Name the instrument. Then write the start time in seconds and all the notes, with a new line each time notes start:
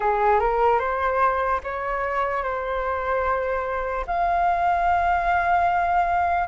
flute
0.00 G#4
0.39 A#4
0.79 C5
1.63 C#5
2.43 C5
4.07 F5